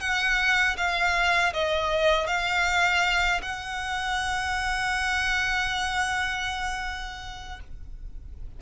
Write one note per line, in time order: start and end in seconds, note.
0.00 0.76 F#5
0.77 1.53 F5
1.53 2.27 D#5
2.27 3.41 F5
3.42 7.59 F#5